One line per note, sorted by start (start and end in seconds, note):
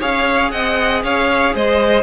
0.00 0.52 C#4
0.00 2.03 G#4
0.00 0.51 C#5
0.00 0.51 F5
0.51 1.03 C4
0.51 1.03 D#5
0.51 1.02 F#5
1.03 1.54 C#4
1.03 1.54 C#5
1.03 1.55 F5
1.54 2.03 G#3
1.54 2.03 C5
1.54 2.03 D#5